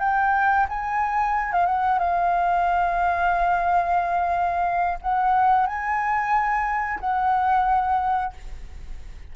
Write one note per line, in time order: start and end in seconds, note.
0.00 0.67 G5
0.69 1.52 G#5
1.52 1.66 F5
1.66 1.99 F#5
1.99 4.99 F5
5.02 5.66 F#5
5.66 7.00 G#5
7.00 8.34 F#5